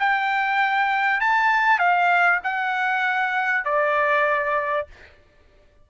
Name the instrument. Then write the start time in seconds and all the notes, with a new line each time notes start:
trumpet
0.00 G5
1.21 A5
1.79 F5
2.44 F#5
3.65 D5